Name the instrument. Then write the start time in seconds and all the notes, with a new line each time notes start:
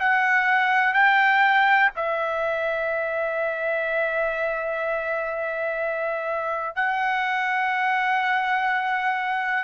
trumpet
0.00 F#5
0.94 G5
1.97 E5
6.76 F#5